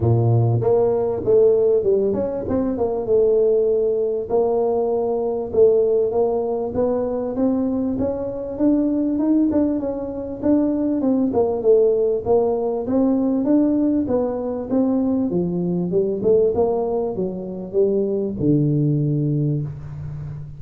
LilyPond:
\new Staff \with { instrumentName = "tuba" } { \time 4/4 \tempo 4 = 98 ais,4 ais4 a4 g8 cis'8 | c'8 ais8 a2 ais4~ | ais4 a4 ais4 b4 | c'4 cis'4 d'4 dis'8 d'8 |
cis'4 d'4 c'8 ais8 a4 | ais4 c'4 d'4 b4 | c'4 f4 g8 a8 ais4 | fis4 g4 d2 | }